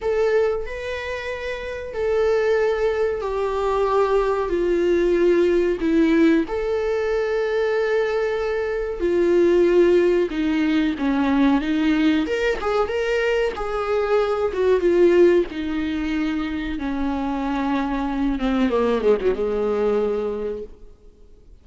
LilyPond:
\new Staff \with { instrumentName = "viola" } { \time 4/4 \tempo 4 = 93 a'4 b'2 a'4~ | a'4 g'2 f'4~ | f'4 e'4 a'2~ | a'2 f'2 |
dis'4 cis'4 dis'4 ais'8 gis'8 | ais'4 gis'4. fis'8 f'4 | dis'2 cis'2~ | cis'8 c'8 ais8 gis16 fis16 gis2 | }